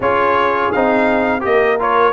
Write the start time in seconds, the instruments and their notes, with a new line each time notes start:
0.00 tuba C#4, trombone F4, horn G#4, trumpet C#5
0.71 tuba C4, trombone D#4, trumpet F5
1.40 tuba A#3, trombone G4, horn A#4, trumpet D#5
1.79 trombone F4, trumpet C#5